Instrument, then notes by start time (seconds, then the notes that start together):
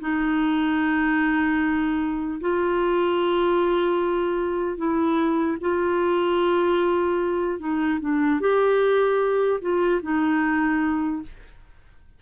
clarinet
0.00 D#4
2.41 F4
4.77 E4
5.61 F4
7.59 D#4
8.00 D4
8.40 G4
9.61 F4
10.02 D#4